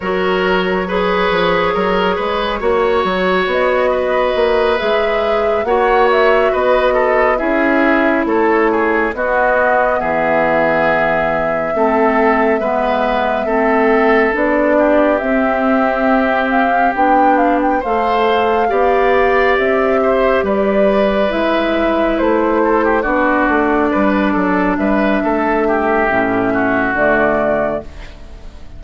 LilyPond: <<
  \new Staff \with { instrumentName = "flute" } { \time 4/4 \tempo 4 = 69 cis''1 | dis''4. e''4 fis''8 e''8 dis''8~ | dis''8 e''4 cis''4 dis''4 e''8~ | e''1~ |
e''8 d''4 e''4. f''8 g''8 | f''16 g''16 f''2 e''4 d''8~ | d''8 e''4 c''4 d''4.~ | d''8 e''2~ e''8 d''4 | }
  \new Staff \with { instrumentName = "oboe" } { \time 4/4 ais'4 b'4 ais'8 b'8 cis''4~ | cis''8 b'2 cis''4 b'8 | a'8 gis'4 a'8 gis'8 fis'4 gis'8~ | gis'4. a'4 b'4 a'8~ |
a'4 g'2.~ | g'8 c''4 d''4. c''8 b'8~ | b'2 a'16 g'16 fis'4 b'8 | a'8 b'8 a'8 g'4 fis'4. | }
  \new Staff \with { instrumentName = "clarinet" } { \time 4/4 fis'4 gis'2 fis'4~ | fis'4. gis'4 fis'4.~ | fis'8 e'2 b4.~ | b4. c'4 b4 c'8~ |
c'8 d'4 c'2 d'8~ | d'8 a'4 g'2~ g'8~ | g'8 e'2 d'4.~ | d'2 cis'4 a4 | }
  \new Staff \with { instrumentName = "bassoon" } { \time 4/4 fis4. f8 fis8 gis8 ais8 fis8 | b4 ais8 gis4 ais4 b8~ | b8 cis'4 a4 b4 e8~ | e4. a4 gis4 a8~ |
a8 b4 c'2 b8~ | b8 a4 b4 c'4 g8~ | g8 gis4 a4 b8 a8 g8 | fis8 g8 a4 a,4 d4 | }
>>